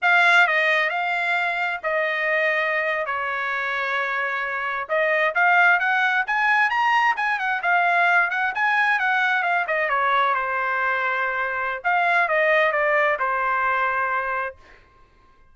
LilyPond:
\new Staff \with { instrumentName = "trumpet" } { \time 4/4 \tempo 4 = 132 f''4 dis''4 f''2 | dis''2~ dis''8. cis''4~ cis''16~ | cis''2~ cis''8. dis''4 f''16~ | f''8. fis''4 gis''4 ais''4 gis''16~ |
gis''16 fis''8 f''4. fis''8 gis''4 fis''16~ | fis''8. f''8 dis''8 cis''4 c''4~ c''16~ | c''2 f''4 dis''4 | d''4 c''2. | }